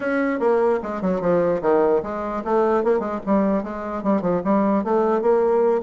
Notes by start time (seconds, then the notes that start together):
0.00 C#4
0.39 A#3
0.82 G#3
1.01 F#3
1.21 F3
1.61 D#3
2.02 G#3
2.44 A3
2.84 A#3
2.99 G#3
3.26 G3
3.63 G#3
4.03 G3
4.21 F3
4.44 G3
4.84 A3
5.21 A#3